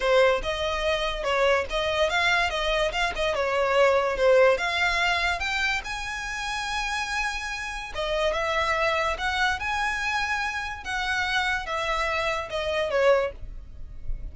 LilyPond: \new Staff \with { instrumentName = "violin" } { \time 4/4 \tempo 4 = 144 c''4 dis''2 cis''4 | dis''4 f''4 dis''4 f''8 dis''8 | cis''2 c''4 f''4~ | f''4 g''4 gis''2~ |
gis''2. dis''4 | e''2 fis''4 gis''4~ | gis''2 fis''2 | e''2 dis''4 cis''4 | }